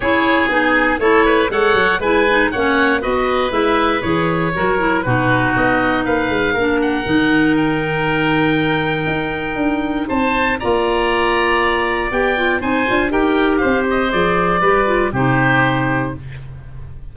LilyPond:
<<
  \new Staff \with { instrumentName = "oboe" } { \time 4/4 \tempo 4 = 119 cis''4 gis'4 cis''4 fis''4 | gis''4 fis''4 dis''4 e''4 | cis''2 b'4 dis''4 | f''4. fis''4. g''4~ |
g''1 | a''4 ais''2. | g''4 gis''4 g''4 f''8 dis''8 | d''2 c''2 | }
  \new Staff \with { instrumentName = "oboe" } { \time 4/4 gis'2 a'8 b'8 cis''4 | b'4 cis''4 b'2~ | b'4 ais'4 fis'2 | b'4 ais'2.~ |
ais'1 | c''4 d''2.~ | d''4 c''4 ais'4 c''4~ | c''4 b'4 g'2 | }
  \new Staff \with { instrumentName = "clarinet" } { \time 4/4 e'4 dis'4 e'4 a'4 | e'8 dis'8 cis'4 fis'4 e'4 | gis'4 fis'8 e'8 dis'2~ | dis'4 d'4 dis'2~ |
dis'1~ | dis'4 f'2. | g'8 f'8 dis'8 f'8 g'2 | gis'4 g'8 f'8 dis'2 | }
  \new Staff \with { instrumentName = "tuba" } { \time 4/4 cis'4 b4 a4 gis8 fis8 | gis4 ais4 b4 gis4 | e4 fis4 b,4 b4 | ais8 gis8 ais4 dis2~ |
dis2 dis'4 d'4 | c'4 ais2. | b4 c'8 d'8 dis'4 c'4 | f4 g4 c2 | }
>>